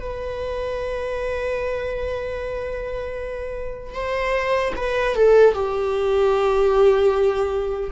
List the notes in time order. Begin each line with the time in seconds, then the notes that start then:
0.00 B4
3.94 C5
4.77 B4
5.16 A4
5.54 G4